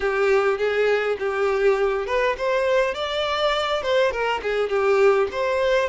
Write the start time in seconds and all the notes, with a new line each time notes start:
0.00 G4
0.58 G#4
1.19 G4
2.06 B4
2.37 C5
2.94 D5
3.82 C5
4.11 A#4
4.42 G#4
4.69 G4
5.31 C5